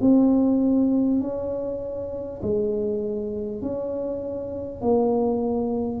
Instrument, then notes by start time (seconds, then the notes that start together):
tuba
0.00 C4
1.20 C#4
2.42 G#3
3.61 C#4
4.81 A#3